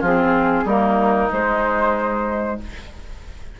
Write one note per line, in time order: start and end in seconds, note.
0.00 0.64 F3
0.00 0.67 C4
0.00 0.64 F4
0.00 0.67 G#4
0.64 1.28 G3
0.64 1.30 A#3
0.64 2.56 D#4
0.64 1.31 A#4
1.32 2.59 G#3
1.32 2.60 G#3
1.32 2.60 C5